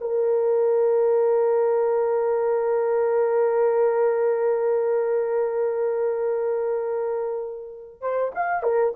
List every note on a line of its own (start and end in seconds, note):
0.00 8.01 A#4
8.01 8.32 C5
8.35 8.63 F5
8.63 8.94 A#4